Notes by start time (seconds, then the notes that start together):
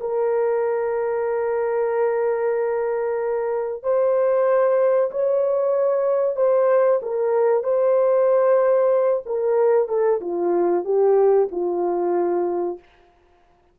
0.00 A#4
3.83 C5
5.11 C#5
6.36 C5
7.02 A#4
7.64 C5
9.26 A#4
9.88 A4
10.21 F4
10.85 G4
11.51 F4